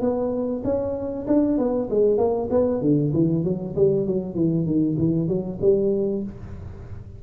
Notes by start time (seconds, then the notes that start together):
0.00 B3
0.64 C#4
1.27 D4
1.57 B3
1.90 G#3
2.17 A#3
2.50 B3
2.81 D3
3.13 E3
3.44 F#3
3.75 G3
4.06 F#3
4.34 E3
4.65 D#3
4.98 E3
5.27 F#3
5.61 G3